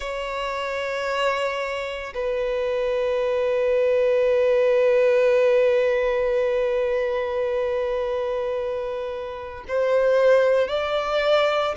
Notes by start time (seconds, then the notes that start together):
0.00 C#5
2.14 B4
9.67 C5
10.68 D5